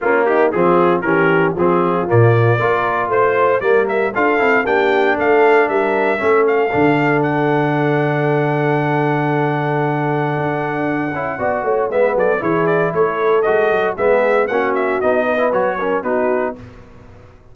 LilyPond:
<<
  \new Staff \with { instrumentName = "trumpet" } { \time 4/4 \tempo 4 = 116 f'8 g'8 gis'4 ais'4 gis'4 | d''2 c''4 d''8 e''8 | f''4 g''4 f''4 e''4~ | e''8 f''4. fis''2~ |
fis''1~ | fis''2. e''8 d''8 | cis''8 d''8 cis''4 dis''4 e''4 | fis''8 e''8 dis''4 cis''4 b'4 | }
  \new Staff \with { instrumentName = "horn" } { \time 4/4 cis'8 dis'8 f'4 g'4 f'4~ | f'4 ais'4 c''4 ais'4 | a'4 g'4 a'4 ais'4 | a'1~ |
a'1~ | a'2 d''8 cis''8 b'8 a'8 | gis'4 a'2 gis'4 | fis'4. b'4 ais'8 fis'4 | }
  \new Staff \with { instrumentName = "trombone" } { \time 4/4 ais4 c'4 cis'4 c'4 | ais4 f'2 ais4 | f'8 e'8 d'2. | cis'4 d'2.~ |
d'1~ | d'4. e'8 fis'4 b4 | e'2 fis'4 b4 | cis'4 dis'8. e'16 fis'8 cis'8 dis'4 | }
  \new Staff \with { instrumentName = "tuba" } { \time 4/4 ais4 f4 e4 f4 | ais,4 ais4 a4 g4 | d'8 c'8 ais4 a4 g4 | a4 d2.~ |
d1 | d'4. cis'8 b8 a8 gis8 fis8 | e4 a4 gis8 fis8 gis4 | ais4 b4 fis4 b4 | }
>>